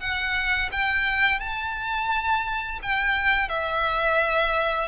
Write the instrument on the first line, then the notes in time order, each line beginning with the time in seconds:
violin
0.00 F#5
0.72 G5
1.40 A5
2.82 G5
3.49 E5